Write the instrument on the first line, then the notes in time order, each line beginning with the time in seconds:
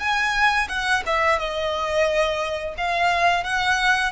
violin
0.00 G#5
0.69 F#5
1.07 E5
1.39 D#5
2.78 F5
3.44 F#5